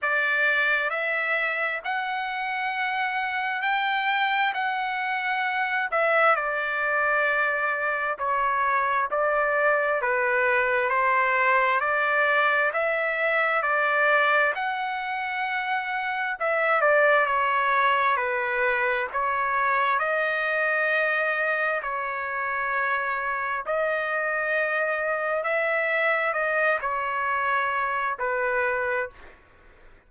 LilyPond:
\new Staff \with { instrumentName = "trumpet" } { \time 4/4 \tempo 4 = 66 d''4 e''4 fis''2 | g''4 fis''4. e''8 d''4~ | d''4 cis''4 d''4 b'4 | c''4 d''4 e''4 d''4 |
fis''2 e''8 d''8 cis''4 | b'4 cis''4 dis''2 | cis''2 dis''2 | e''4 dis''8 cis''4. b'4 | }